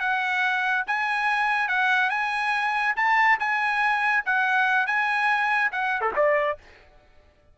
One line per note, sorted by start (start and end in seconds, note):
0.00 0.85 F#5
0.87 1.68 G#5
1.68 2.10 F#5
2.10 2.95 G#5
2.96 3.39 A5
3.39 4.24 G#5
4.26 4.87 F#5
4.87 5.71 G#5
5.72 6.01 F#5
6.01 6.12 A4
6.16 6.58 D5